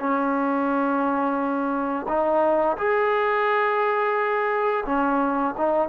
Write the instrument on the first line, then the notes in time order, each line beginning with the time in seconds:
trombone
0.00 C#4
2.08 D#4
2.78 G#4
4.86 C#4
5.58 D#4